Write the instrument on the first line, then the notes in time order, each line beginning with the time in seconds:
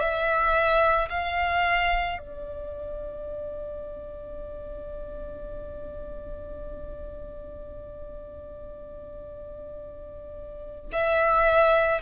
violin
0.00 E5
1.09 F5
2.19 D5
10.92 E5